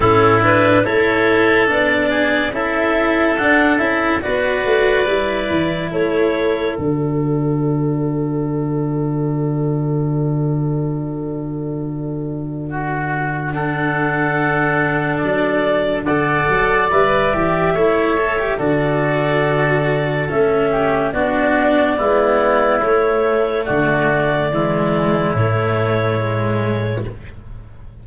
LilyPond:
<<
  \new Staff \with { instrumentName = "clarinet" } { \time 4/4 \tempo 4 = 71 a'8 b'8 cis''4 d''4 e''4 | fis''8 e''8 d''2 cis''4 | d''1~ | d''1 |
fis''2 d''4 fis''4 | e''2 d''2 | e''4 d''2 cis''4 | d''2 cis''2 | }
  \new Staff \with { instrumentName = "oboe" } { \time 4/4 e'4 a'4. gis'8 a'4~ | a'4 b'2 a'4~ | a'1~ | a'2. fis'4 |
a'2. d''4~ | d''4 cis''4 a'2~ | a'8 g'8 fis'4 e'2 | fis'4 e'2. | }
  \new Staff \with { instrumentName = "cello" } { \time 4/4 cis'8 d'8 e'4 d'4 e'4 | d'8 e'8 fis'4 e'2 | fis'1~ | fis'1 |
d'2. a'4 | b'8 g'8 e'8 a'16 g'16 fis'2 | cis'4 d'4 b4 a4~ | a4 gis4 a4 gis4 | }
  \new Staff \with { instrumentName = "tuba" } { \time 4/4 a,4 a4 b4 cis'4 | d'8 cis'8 b8 a8 g8 e8 a4 | d1~ | d1~ |
d2 fis4 d8 fis8 | g8 e8 a4 d2 | a4 b4 gis4 a4 | d4 e4 a,2 | }
>>